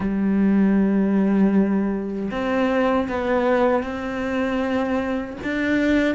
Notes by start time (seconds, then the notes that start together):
0.00 G3
2.31 C4
3.08 B3
3.83 C4
5.43 D4